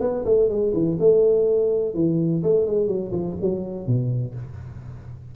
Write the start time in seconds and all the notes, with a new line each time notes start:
0.00 B3
0.25 A3
0.49 G#3
0.73 E3
0.99 A3
1.94 E3
2.43 A3
2.66 G#3
2.87 F#3
3.12 F3
3.41 F#3
3.87 B2